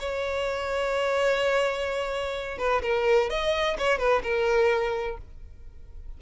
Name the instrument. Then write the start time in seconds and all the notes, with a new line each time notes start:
violin
0.00 C#5
2.58 B4
2.83 A#4
3.30 D#5
3.78 C#5
3.99 B4
4.23 A#4